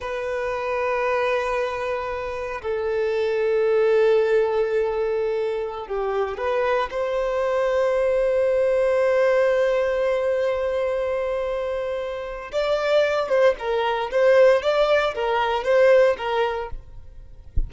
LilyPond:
\new Staff \with { instrumentName = "violin" } { \time 4/4 \tempo 4 = 115 b'1~ | b'4 a'2.~ | a'2.~ a'16 g'8.~ | g'16 b'4 c''2~ c''8.~ |
c''1~ | c''1 | d''4. c''8 ais'4 c''4 | d''4 ais'4 c''4 ais'4 | }